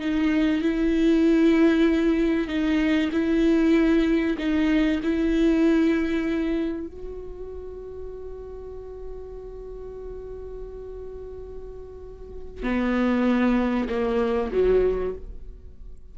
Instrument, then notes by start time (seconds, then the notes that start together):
viola
0.00 D#4
0.62 E4
2.48 D#4
3.12 E4
4.38 D#4
5.03 E4
6.88 F#4
12.63 B3
13.89 A#3
14.53 F#3